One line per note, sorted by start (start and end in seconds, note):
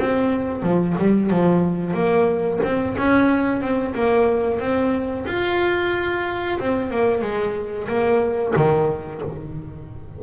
0.00 0.63 C4
0.63 0.96 F3
0.98 1.30 G3
1.30 1.94 F3
1.94 2.60 A#3
2.63 2.96 C4
2.98 3.61 C#4
3.61 3.94 C4
3.94 4.60 A#3
4.60 5.26 C4
5.27 6.59 F4
6.59 6.91 C4
6.91 7.22 A#3
7.22 7.88 G#3
7.88 8.54 A#3
8.56 9.22 D#3